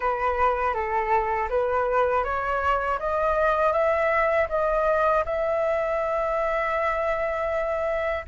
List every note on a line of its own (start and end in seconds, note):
0.00 0.73 B4
0.73 1.48 A4
1.49 2.24 B4
2.24 2.99 C#5
2.99 3.72 D#5
3.72 4.47 E5
4.49 5.24 D#5
5.25 8.25 E5